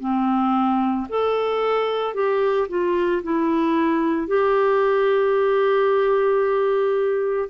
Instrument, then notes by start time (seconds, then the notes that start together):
clarinet
0.00 C4
1.09 A4
2.14 G4
2.68 F4
3.23 E4
4.28 G4